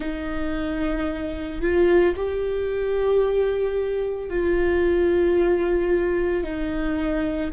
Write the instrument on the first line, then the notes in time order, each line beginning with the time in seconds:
viola
0.00 D#4
1.61 F4
2.15 G4
4.29 F4
6.43 D#4